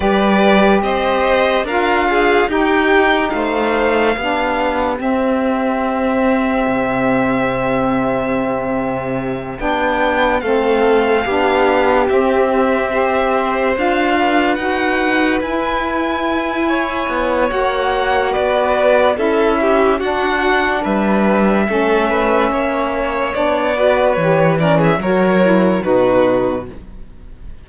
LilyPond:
<<
  \new Staff \with { instrumentName = "violin" } { \time 4/4 \tempo 4 = 72 d''4 dis''4 f''4 g''4 | f''2 e''2~ | e''2.~ e''8 g''8~ | g''8 f''2 e''4.~ |
e''8 f''4 fis''4 gis''4.~ | gis''4 fis''4 d''4 e''4 | fis''4 e''2. | d''4 cis''8 d''16 e''16 cis''4 b'4 | }
  \new Staff \with { instrumentName = "violin" } { \time 4/4 b'4 c''4 ais'8 gis'8 g'4 | c''4 g'2.~ | g'1~ | g'8 a'4 g'2 c''8~ |
c''4 b'2. | cis''2 b'4 a'8 g'8 | fis'4 b'4 a'8 b'8 cis''4~ | cis''8 b'4 ais'16 gis'16 ais'4 fis'4 | }
  \new Staff \with { instrumentName = "saxophone" } { \time 4/4 g'2 f'4 dis'4~ | dis'4 d'4 c'2~ | c'2.~ c'8 d'8~ | d'8 c'4 d'4 c'4 g'8~ |
g'8 f'4 fis'4 e'4.~ | e'4 fis'2 e'4 | d'2 cis'2 | d'8 fis'8 g'8 cis'8 fis'8 e'8 dis'4 | }
  \new Staff \with { instrumentName = "cello" } { \time 4/4 g4 c'4 d'4 dis'4 | a4 b4 c'2 | c2.~ c8 b8~ | b8 a4 b4 c'4.~ |
c'8 d'4 dis'4 e'4.~ | e'8 b8 ais4 b4 cis'4 | d'4 g4 a4 ais4 | b4 e4 fis4 b,4 | }
>>